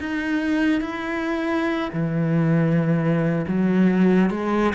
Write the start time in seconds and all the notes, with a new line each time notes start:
0.00 D#4
0.81 E4
1.93 E3
3.48 F#3
4.30 G#3